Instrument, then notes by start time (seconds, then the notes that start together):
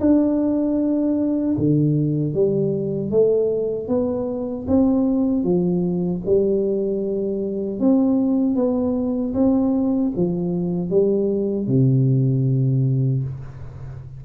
tuba
0.00 D4
1.57 D3
2.34 G3
3.11 A3
3.88 B3
4.67 C4
5.43 F3
6.26 G3
7.80 C4
8.55 B3
9.34 C4
10.16 F3
10.89 G3
11.67 C3